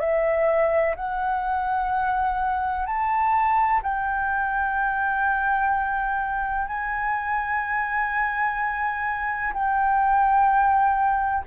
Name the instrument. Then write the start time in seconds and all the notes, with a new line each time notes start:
flute
0.00 E5
0.96 F#5
2.87 A5
3.83 G5
6.68 G#5
9.54 G5